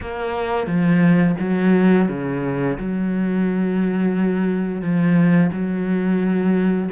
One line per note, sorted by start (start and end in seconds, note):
0.00 0.66 A#3
0.66 1.35 F3
1.39 2.08 F#3
2.08 2.77 C#3
2.77 4.81 F#3
4.81 5.50 F3
5.52 6.90 F#3